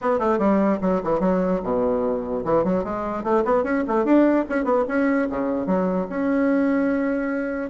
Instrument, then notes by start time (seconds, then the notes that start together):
bassoon
0.01 B3
0.19 A3
0.38 G3
0.81 F#3
1.03 E3
1.20 F#3
1.63 B2
2.44 E3
2.64 F#3
2.84 G#3
3.23 A3
3.44 B3
3.63 C#4
3.87 A3
4.04 D4
4.49 C#4
4.64 B3
4.88 C#4
5.29 C#3
5.66 F#3
6.09 C#4